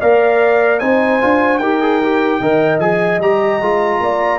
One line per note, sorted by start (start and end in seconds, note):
0.00 0.81 A#3
0.00 0.81 A#4
0.00 0.80 D5
0.00 0.79 F5
0.79 1.21 C4
0.79 1.20 D#4
0.79 1.60 C5
0.79 1.58 G#5
1.20 1.58 D4
1.20 1.60 F4
1.58 2.38 D#4
1.58 1.82 G4
1.58 2.40 A#4
1.58 2.78 G5
1.82 2.02 G#4
2.02 2.42 G4
2.40 2.79 D#3
2.40 2.80 A#4
2.40 4.00 D#5
2.79 3.18 F3
2.79 3.20 G#4
2.79 3.19 G#5
3.18 3.58 G3
3.18 3.62 G4
3.18 4.39 A#5
3.60 4.00 G#3
3.60 4.39 F4
4.00 4.39 A#3
4.00 4.39 D5